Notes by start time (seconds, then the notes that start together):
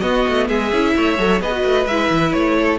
0.00 B3 F#4 D#5
0.28 A3
0.48 G#3 G#4 E5
0.72 C#4 E4
0.96 A3 C#5
1.17 F#3 A4
1.40 B3 G#4 B4 D#5
1.51 F#4
1.64 A3
1.86 G#3 E4 E5
2.10 E3
2.32 A3 C#5
2.58 A4